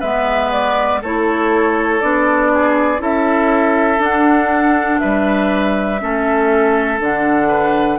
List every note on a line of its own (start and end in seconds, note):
0.00 1.02 G#3
0.00 1.02 B3
0.00 1.00 B4
0.00 0.51 E5
0.52 1.02 D5
1.02 2.02 A3
1.02 2.01 E4
1.02 2.52 A4
1.02 2.01 C#5
2.01 3.00 B3
2.01 2.99 D4
2.01 3.01 D5
2.54 3.02 G#4
2.99 3.99 C#4
2.99 3.98 E4
2.99 5.01 A4
2.99 4.03 E5
3.98 5.98 D4
3.98 4.99 D4
3.98 4.99 F#5
4.99 6.02 G3
4.99 6.01 B4
4.99 6.99 E5
5.99 7.00 A3
5.99 6.99 C#4
5.99 7.48 A4
7.00 7.99 D3
7.00 7.99 D4
7.00 7.99 F#5
7.48 7.98 B4